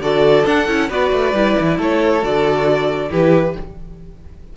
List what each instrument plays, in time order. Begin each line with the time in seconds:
0.00 cello D3, viola F#4, violin A4 D5
0.45 viola D4, cello D4, violin F#5
0.68 cello C#4, viola E4
0.90 cello B3, viola F#4, violin B4 D5
1.12 cello A3
1.34 cello G3, viola E4
1.60 cello E3
1.77 cello A3, violin A4 C#5
2.21 cello D3, viola F#4, violin D5
3.10 cello E3, viola E4, violin G4 B4